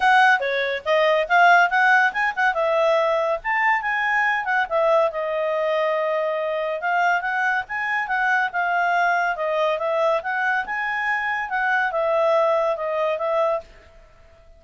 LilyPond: \new Staff \with { instrumentName = "clarinet" } { \time 4/4 \tempo 4 = 141 fis''4 cis''4 dis''4 f''4 | fis''4 gis''8 fis''8 e''2 | a''4 gis''4. fis''8 e''4 | dis''1 |
f''4 fis''4 gis''4 fis''4 | f''2 dis''4 e''4 | fis''4 gis''2 fis''4 | e''2 dis''4 e''4 | }